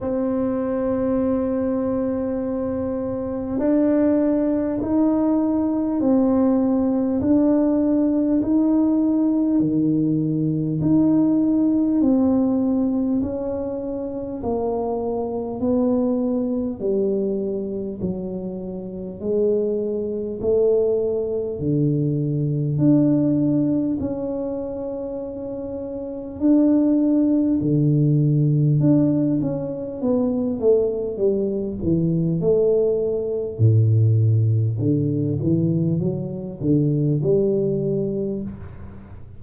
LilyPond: \new Staff \with { instrumentName = "tuba" } { \time 4/4 \tempo 4 = 50 c'2. d'4 | dis'4 c'4 d'4 dis'4 | dis4 dis'4 c'4 cis'4 | ais4 b4 g4 fis4 |
gis4 a4 d4 d'4 | cis'2 d'4 d4 | d'8 cis'8 b8 a8 g8 e8 a4 | a,4 d8 e8 fis8 d8 g4 | }